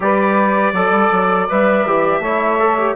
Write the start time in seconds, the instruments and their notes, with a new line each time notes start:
0.00 bassoon G3, trombone G4, saxophone B4, trumpet D5
0.72 bassoon F#3, trombone A4, saxophone D5
0.90 bassoon G3
1.11 bassoon F#3
1.49 bassoon G3, trombone B4, trumpet E5
1.85 bassoon E3, trombone G4
2.19 bassoon A3, trombone E4, saxophone C#5
2.59 trombone A4
2.78 trombone G4